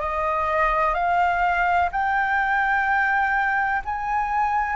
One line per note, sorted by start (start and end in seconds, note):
0.00 0.94 D#5
0.94 1.89 F5
1.92 3.82 G5
3.85 4.76 G#5